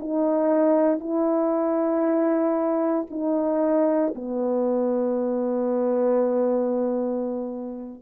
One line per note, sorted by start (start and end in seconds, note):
0.00 1.00 D#4
1.00 3.07 E4
3.11 4.14 D#4
4.15 8.03 B3